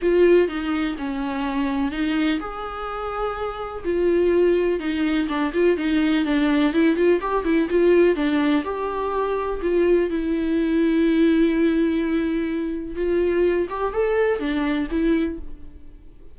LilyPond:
\new Staff \with { instrumentName = "viola" } { \time 4/4 \tempo 4 = 125 f'4 dis'4 cis'2 | dis'4 gis'2. | f'2 dis'4 d'8 f'8 | dis'4 d'4 e'8 f'8 g'8 e'8 |
f'4 d'4 g'2 | f'4 e'2.~ | e'2. f'4~ | f'8 g'8 a'4 d'4 e'4 | }